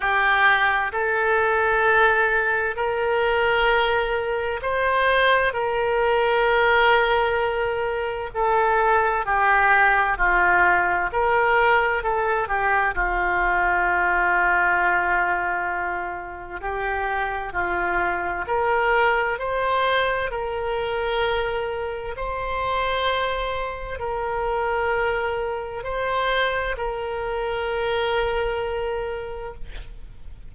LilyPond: \new Staff \with { instrumentName = "oboe" } { \time 4/4 \tempo 4 = 65 g'4 a'2 ais'4~ | ais'4 c''4 ais'2~ | ais'4 a'4 g'4 f'4 | ais'4 a'8 g'8 f'2~ |
f'2 g'4 f'4 | ais'4 c''4 ais'2 | c''2 ais'2 | c''4 ais'2. | }